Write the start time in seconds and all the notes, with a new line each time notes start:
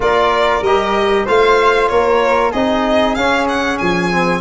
0.00 A#3 F4 A#4 D5
0.61 G3 G4 D#5
1.25 A3 F4 C5 F5
1.88 A#3 A#4 C#5
2.50 C4 D#4 G#4 D#5
3.14 C#4 F5
3.48 F#5
3.77 F3 G#5
4.11 C4